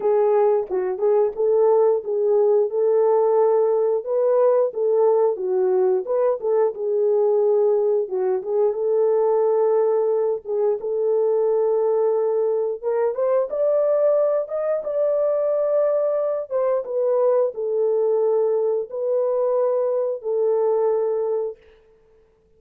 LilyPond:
\new Staff \with { instrumentName = "horn" } { \time 4/4 \tempo 4 = 89 gis'4 fis'8 gis'8 a'4 gis'4 | a'2 b'4 a'4 | fis'4 b'8 a'8 gis'2 | fis'8 gis'8 a'2~ a'8 gis'8 |
a'2. ais'8 c''8 | d''4. dis''8 d''2~ | d''8 c''8 b'4 a'2 | b'2 a'2 | }